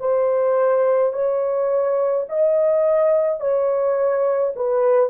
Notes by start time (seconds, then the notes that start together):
0.00 C5
1.13 C#5
2.29 D#5
3.40 C#5
4.56 B4